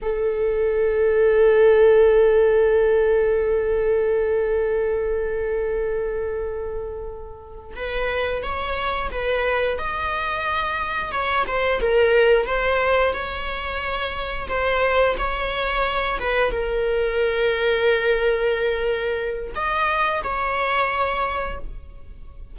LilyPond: \new Staff \with { instrumentName = "viola" } { \time 4/4 \tempo 4 = 89 a'1~ | a'1~ | a'2.~ a'8 b'8~ | b'8 cis''4 b'4 dis''4.~ |
dis''8 cis''8 c''8 ais'4 c''4 cis''8~ | cis''4. c''4 cis''4. | b'8 ais'2.~ ais'8~ | ais'4 dis''4 cis''2 | }